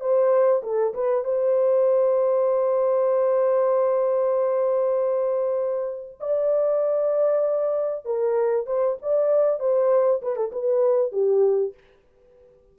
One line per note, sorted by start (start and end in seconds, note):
0.00 0.62 C5
0.62 0.93 A4
0.94 1.24 B4
1.24 6.19 C5
6.20 8.05 D5
8.05 8.66 A#4
8.66 8.97 C5
9.02 9.59 D5
9.59 10.21 C5
10.22 10.36 B4
10.36 10.51 A4
10.52 11.12 B4
11.12 11.74 G4